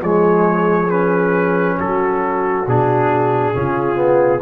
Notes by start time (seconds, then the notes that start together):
0.00 F3 G#3 G#4 C#5
0.89 C#4 B4
1.77 F#3 F#4 A4
2.67 B2 D4 G#4
3.53 C#3 C#4 F4
3.95 B3